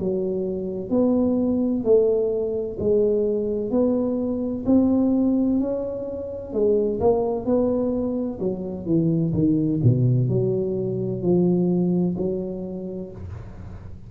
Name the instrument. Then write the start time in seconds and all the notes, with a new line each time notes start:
tuba
0.00 F#3
0.90 B3
1.85 A3
2.80 G#3
3.71 B3
4.66 C4
5.60 C#4
6.54 G#3
7.01 A#3
7.46 B3
8.40 F#3
8.86 E3
9.34 D#3
9.84 B2
10.29 F#3
11.22 F3
12.18 F#3